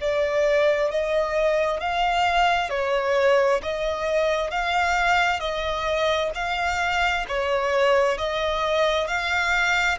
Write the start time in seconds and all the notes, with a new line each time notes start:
0.00 D5
0.91 D#5
1.80 F5
2.70 C#5
3.62 D#5
4.50 F5
5.40 D#5
6.34 F5
7.28 C#5
8.17 D#5
9.07 F5